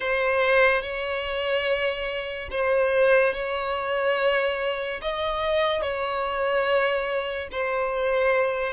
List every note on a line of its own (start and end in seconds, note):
0.00 0.82 C5
0.82 2.48 C#5
2.50 3.33 C5
3.33 5.00 C#5
5.02 5.81 D#5
5.81 7.48 C#5
7.51 8.73 C5